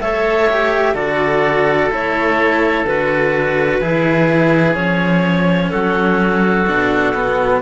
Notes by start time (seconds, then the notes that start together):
0.00 A3 A4 C#5 E5
0.50 G4
0.94 D3 F#4 A4 D5
1.90 A3 E4 C#5
2.85 D3 F#4 B4
3.80 E3 E4 G#4
4.75 F3 C#4 C#5
5.71 F#3 F#4 A4
6.67 B2 D4
7.15 B3